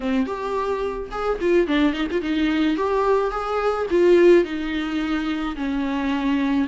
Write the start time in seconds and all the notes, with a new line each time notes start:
0.00 C4
0.26 G4
1.11 G#4
1.40 F4
1.67 D4
1.93 D#4
2.11 F4
2.21 D#4
2.76 G4
3.31 G#4
3.90 F4
4.44 D#4
5.56 C#4